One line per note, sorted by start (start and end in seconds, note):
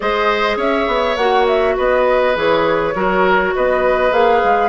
0.00 0.56 G#3
0.00 1.17 G#4
0.00 0.57 C5
0.00 0.58 D#5
0.56 0.86 C#4
0.56 1.75 C#5
0.56 1.16 E5
0.87 1.16 B3
1.16 1.75 A#3
1.16 2.35 F#4
1.16 1.45 F#5
1.47 1.76 E5
1.76 2.35 B3
1.76 2.94 B4
1.76 2.37 D#5
2.35 2.94 E3
2.35 2.94 G#4
2.35 3.55 C#5
2.94 3.53 F#3
2.94 4.11 F#4
2.94 3.54 A#4
3.55 4.12 B3
3.55 4.69 B4
3.55 4.13 D#5
4.11 4.41 A#3
4.11 4.69 G#4
4.11 4.69 F5
4.43 4.69 G#3